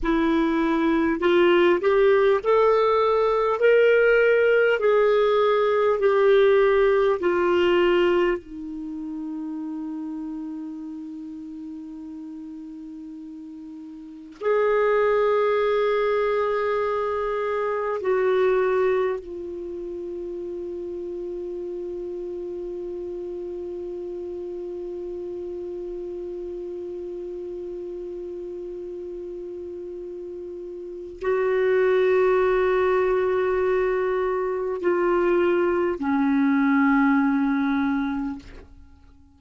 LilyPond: \new Staff \with { instrumentName = "clarinet" } { \time 4/4 \tempo 4 = 50 e'4 f'8 g'8 a'4 ais'4 | gis'4 g'4 f'4 dis'4~ | dis'1 | gis'2. fis'4 |
f'1~ | f'1~ | f'2 fis'2~ | fis'4 f'4 cis'2 | }